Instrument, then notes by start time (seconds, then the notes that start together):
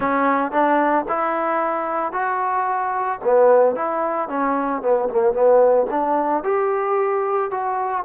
trombone
0.00 C#4
0.51 D4
1.08 E4
2.12 F#4
3.24 B3
3.75 E4
4.28 C#4
4.82 B3
5.09 A#3
5.33 B3
5.90 D4
6.43 G4
7.50 F#4